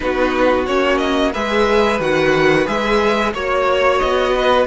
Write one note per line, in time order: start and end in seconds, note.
0.00 0.68 B3
0.00 0.65 D#4
0.00 1.32 F#4
0.00 0.65 B4
0.66 1.34 A#3
0.66 1.33 C#4
0.66 0.98 C#5
0.98 1.31 D#5
1.32 1.99 G#3
1.32 2.00 G#4
1.32 3.32 B4
1.32 2.00 E5
1.99 2.66 D#3
1.99 2.66 F#4
1.99 2.66 F#5
2.66 3.33 G#3
2.66 3.32 G#4
2.66 3.33 E5
3.33 4.00 A#3
3.33 4.66 F#4
3.33 3.98 C#5
3.33 4.34 C#5
3.98 4.66 B3
3.98 4.65 D#5
4.35 4.66 B4